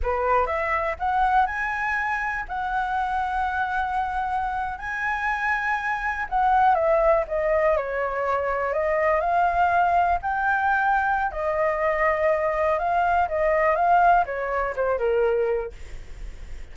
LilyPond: \new Staff \with { instrumentName = "flute" } { \time 4/4 \tempo 4 = 122 b'4 e''4 fis''4 gis''4~ | gis''4 fis''2.~ | fis''4.~ fis''16 gis''2~ gis''16~ | gis''8. fis''4 e''4 dis''4 cis''16~ |
cis''4.~ cis''16 dis''4 f''4~ f''16~ | f''8. g''2~ g''16 dis''4~ | dis''2 f''4 dis''4 | f''4 cis''4 c''8 ais'4. | }